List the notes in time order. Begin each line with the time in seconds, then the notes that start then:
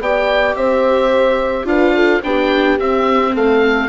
0.00 B3 G4 D5 G5
0.56 C4 C5 E5
1.65 D4 F4 B4 F5
1.96 A4
2.24 B3 D4 G4 G5
2.79 C4 E5
3.34 A3 A4 F5